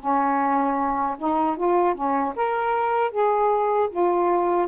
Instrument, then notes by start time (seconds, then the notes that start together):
saxophone
0.00 C#4
1.19 D#4
1.57 F4
1.95 C#4
2.36 A#4
3.12 G#4
3.91 F4